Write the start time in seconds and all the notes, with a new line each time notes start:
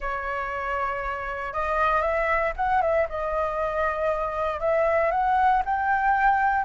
0.00 C#5
1.53 D#5
2.01 E5
2.56 F#5
2.81 E5
3.09 D#5
4.59 E5
5.11 F#5
5.65 G5